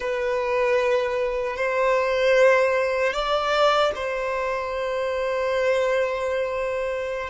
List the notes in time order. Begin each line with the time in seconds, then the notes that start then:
0.00 B4
1.56 C5
3.13 D5
3.95 C5